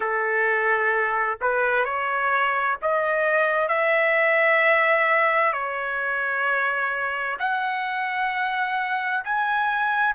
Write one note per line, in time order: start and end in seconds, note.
0.00 1.38 A4
1.41 1.84 B4
1.84 2.77 C#5
2.82 3.68 D#5
3.68 5.52 E5
5.52 7.37 C#5
7.39 9.23 F#5
9.24 10.15 G#5